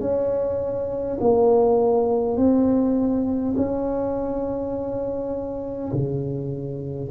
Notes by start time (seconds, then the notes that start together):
0.00 C#4
1.20 A#3
2.36 C4
3.56 C#4
5.92 C#3